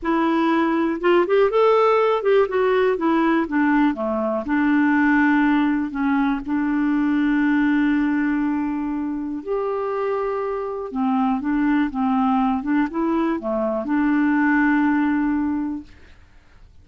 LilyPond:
\new Staff \with { instrumentName = "clarinet" } { \time 4/4 \tempo 4 = 121 e'2 f'8 g'8 a'4~ | a'8 g'8 fis'4 e'4 d'4 | a4 d'2. | cis'4 d'2.~ |
d'2. g'4~ | g'2 c'4 d'4 | c'4. d'8 e'4 a4 | d'1 | }